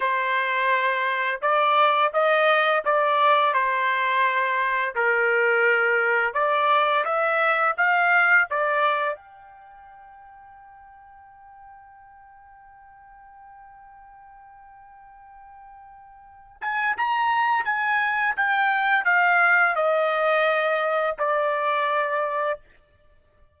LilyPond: \new Staff \with { instrumentName = "trumpet" } { \time 4/4 \tempo 4 = 85 c''2 d''4 dis''4 | d''4 c''2 ais'4~ | ais'4 d''4 e''4 f''4 | d''4 g''2.~ |
g''1~ | g''2.~ g''8 gis''8 | ais''4 gis''4 g''4 f''4 | dis''2 d''2 | }